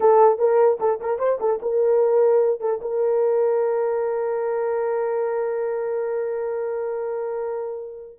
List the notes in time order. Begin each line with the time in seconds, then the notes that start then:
0.00 A4
0.38 A#4
0.79 A4
1.00 A#4
1.18 C5
1.39 A4
1.62 A#4
2.60 A4
2.81 A#4